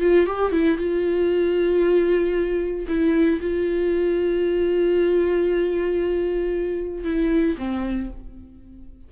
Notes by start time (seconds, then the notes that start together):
0.00 F4
0.26 G4
0.51 E4
0.78 F4
2.88 E4
3.40 F4
7.04 E4
7.58 C4